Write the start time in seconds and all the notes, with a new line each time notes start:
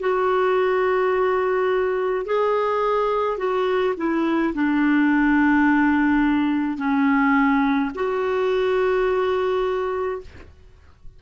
0.00 F#4
2.25 G#4
3.37 F#4
3.97 E4
4.54 D4
6.78 C#4
7.95 F#4